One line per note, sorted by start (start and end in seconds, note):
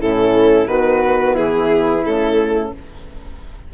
0.00 0.67 A2
0.00 0.67 C#4
0.00 0.67 E4
0.00 0.67 A4
0.67 1.35 D#3
0.67 2.04 B3
0.67 1.34 F#4
0.67 1.35 B4
1.34 2.05 E3
1.34 2.70 E4
1.34 2.04 G#4
2.04 2.73 C#3
2.04 2.73 A3
2.04 2.72 A4